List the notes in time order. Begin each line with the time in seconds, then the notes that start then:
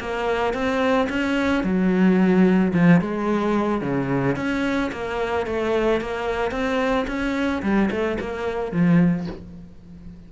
0.00 A#3
0.54 C4
1.09 C#4
1.64 F#3
2.74 F3
3.01 G#3
3.81 C#3
4.36 C#4
4.92 A#3
5.46 A3
6.01 A#3
6.51 C4
7.07 C#4
7.63 G3
7.91 A3
8.20 A#3
8.72 F3